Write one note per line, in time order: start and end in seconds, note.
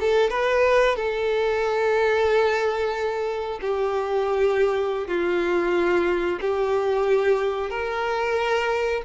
0.00 0.30 A4
0.30 0.96 B4
0.96 3.60 A4
3.61 5.08 G4
5.08 6.40 F4
6.41 7.70 G4
7.70 9.02 A#4